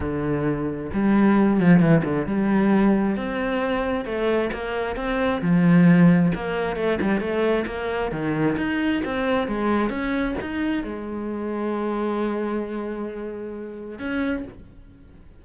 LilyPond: \new Staff \with { instrumentName = "cello" } { \time 4/4 \tempo 4 = 133 d2 g4. f8 | e8 d8 g2 c'4~ | c'4 a4 ais4 c'4 | f2 ais4 a8 g8 |
a4 ais4 dis4 dis'4 | c'4 gis4 cis'4 dis'4 | gis1~ | gis2. cis'4 | }